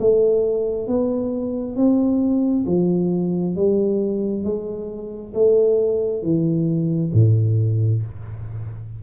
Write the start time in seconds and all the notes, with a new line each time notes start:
0.00 A3
0.88 B3
1.77 C4
2.67 F3
3.56 G3
4.45 G#3
5.34 A3
6.23 E3
7.14 A2